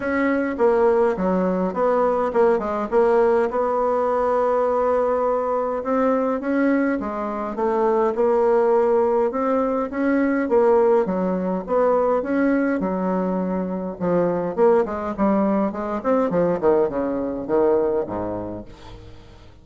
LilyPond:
\new Staff \with { instrumentName = "bassoon" } { \time 4/4 \tempo 4 = 103 cis'4 ais4 fis4 b4 | ais8 gis8 ais4 b2~ | b2 c'4 cis'4 | gis4 a4 ais2 |
c'4 cis'4 ais4 fis4 | b4 cis'4 fis2 | f4 ais8 gis8 g4 gis8 c'8 | f8 dis8 cis4 dis4 gis,4 | }